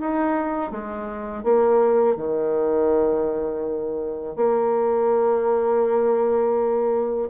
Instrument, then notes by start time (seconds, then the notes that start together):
bassoon
0.00 D#4
0.72 G#3
1.44 A#3
2.17 D#3
4.36 A#3